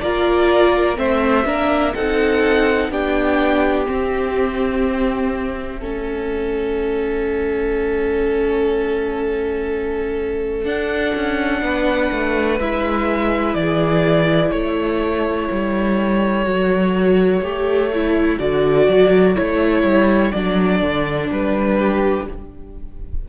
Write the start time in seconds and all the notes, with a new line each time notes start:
0.00 A#3 F4 A#4 D5
0.96 A3 C4 C5 E5
1.45 A#3 D4 A#4
1.94 C4 D#4 A4 F#5
2.89 B3 D4 G4 G5
3.86 C4 E5
5.79 A3 C#4 A4
10.64 D4 F#5
11.15 C#4
11.61 B3 B4
12.11 A3
12.59 G#3 E4 E5
13.54 E3 G#4 D5
14.50 A3 A4 C#5
15.51 G3
16.45 F#3 F#4
17.41 A3 G4
17.93 E4
18.39 D3 F#4 D5
18.87 F#3
19.35 A3 E4 C#5
19.83 G3
20.31 F#3 D4 D5
20.81 D3
21.30 G3 B4
21.77 G4